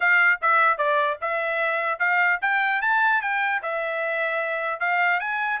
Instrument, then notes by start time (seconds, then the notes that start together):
trumpet
0.00 F5
0.41 E5
0.77 D5
1.21 E5
1.99 F5
2.41 G5
2.81 A5
3.21 G5
3.62 E5
4.79 F5
5.19 G#5